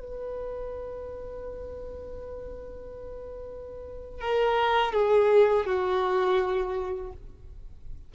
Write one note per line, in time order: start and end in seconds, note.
0.00 4.21 B4
4.21 4.93 A#4
4.93 5.66 G#4
5.66 7.12 F#4